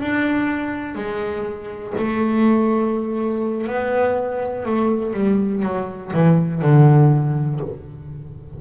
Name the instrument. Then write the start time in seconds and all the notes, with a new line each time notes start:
double bass
0.00 D4
0.95 G#3
1.97 A3
3.67 B3
4.65 A3
5.13 G3
5.62 F#3
6.13 E3
6.61 D3